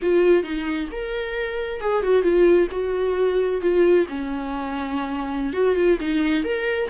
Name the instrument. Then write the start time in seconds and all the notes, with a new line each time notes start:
viola
0.01 F4
0.43 D#4
0.91 A#4
1.80 G#4
2.02 F#4
2.22 F4
2.71 F#4
3.61 F4
4.08 C#4
5.53 F#4
5.75 F4
6.00 D#4
6.44 A#4